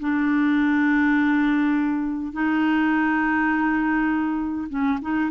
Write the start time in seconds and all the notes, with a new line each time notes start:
0.00 D4
2.33 D#4
4.69 C#4
5.02 D#4